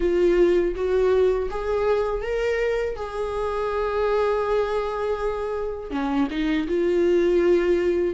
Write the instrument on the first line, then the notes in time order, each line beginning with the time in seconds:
viola
0.00 F4
0.75 F#4
1.50 G#4
2.22 A#4
2.96 G#4
5.91 C#4
6.30 D#4
6.67 F4